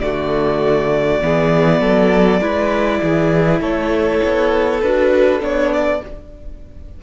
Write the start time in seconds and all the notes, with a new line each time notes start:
0.00 D3 A3 F#4 D5
1.21 E3 B3 G#4
1.81 F#3 A4
2.41 G#3 E4 B4
3.02 E3 G#4
3.61 A3 A4 C#5
4.24 B3
4.81 D4 F#4 B4
5.40 B3 D4 C#5
5.74 D5